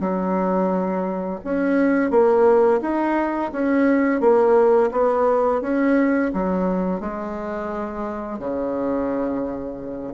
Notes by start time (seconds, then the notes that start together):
0.00 F#3
1.44 C#4
2.10 A#3
2.81 D#4
3.52 C#4
4.20 A#3
4.91 B3
5.61 C#4
6.33 F#3
7.00 G#3
8.39 C#3